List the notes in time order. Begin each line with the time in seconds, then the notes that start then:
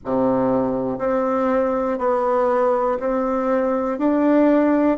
0.05 C3
0.98 C4
1.98 B3
2.99 C4
3.98 D4